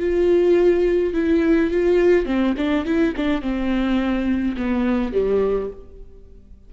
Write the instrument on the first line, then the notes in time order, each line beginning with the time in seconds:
viola
0.00 F4
1.14 E4
1.71 F4
2.26 C4
2.58 D4
2.86 E4
3.17 D4
3.42 C4
4.57 B3
5.13 G3